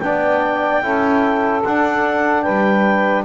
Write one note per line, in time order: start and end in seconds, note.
0.00 0.83 B3
0.00 0.82 D4
0.00 0.84 D5
0.00 1.62 G5
0.82 1.64 C#4
0.82 1.64 E4
0.82 2.43 A4
1.65 2.47 D4
1.65 3.25 D4
1.65 2.43 F#5
2.43 3.25 G3
2.43 3.24 B4
2.43 3.24 G5